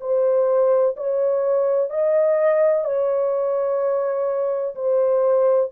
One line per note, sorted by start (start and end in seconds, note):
0.00 0.95 C5
0.96 1.90 C#5
1.90 2.84 D#5
2.84 4.74 C#5
4.75 5.70 C5